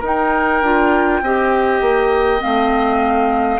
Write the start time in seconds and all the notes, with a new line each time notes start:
0.00 D#4 A#4 G5
0.61 D4 F4
1.22 C4 G4 D#5
1.81 A#3
2.40 A3 C4 F5